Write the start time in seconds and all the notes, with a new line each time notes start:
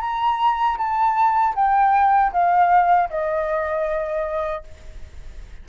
0.00 A#5
0.77 A5
1.55 G5
2.32 F5
3.09 D#5